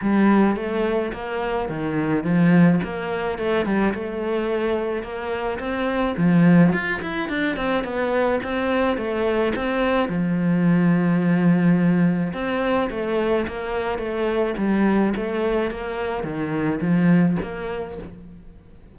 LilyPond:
\new Staff \with { instrumentName = "cello" } { \time 4/4 \tempo 4 = 107 g4 a4 ais4 dis4 | f4 ais4 a8 g8 a4~ | a4 ais4 c'4 f4 | f'8 e'8 d'8 c'8 b4 c'4 |
a4 c'4 f2~ | f2 c'4 a4 | ais4 a4 g4 a4 | ais4 dis4 f4 ais4 | }